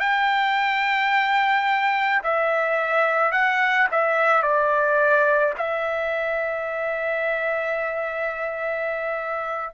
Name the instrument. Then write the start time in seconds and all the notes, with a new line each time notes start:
trumpet
0.00 G5
2.24 E5
3.32 F#5
3.91 E5
4.43 D5
5.58 E5